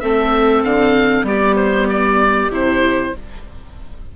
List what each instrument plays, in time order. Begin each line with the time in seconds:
0.00 bassoon A3, viola C4, clarinet A4, oboe E5
0.63 bassoon D3, oboe F5
1.23 bassoon G3, viola B3, clarinet G4, oboe D5
1.56 oboe C5
1.89 oboe D5
2.50 bassoon C3, viola E4, oboe C5